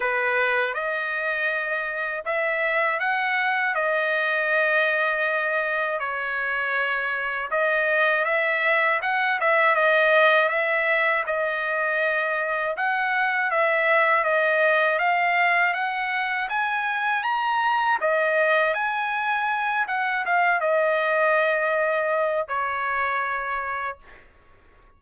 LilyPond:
\new Staff \with { instrumentName = "trumpet" } { \time 4/4 \tempo 4 = 80 b'4 dis''2 e''4 | fis''4 dis''2. | cis''2 dis''4 e''4 | fis''8 e''8 dis''4 e''4 dis''4~ |
dis''4 fis''4 e''4 dis''4 | f''4 fis''4 gis''4 ais''4 | dis''4 gis''4. fis''8 f''8 dis''8~ | dis''2 cis''2 | }